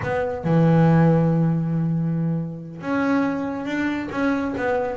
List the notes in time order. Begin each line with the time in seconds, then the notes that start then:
0.03 B3
0.44 E3
2.81 C#4
3.65 D4
4.11 C#4
4.57 B3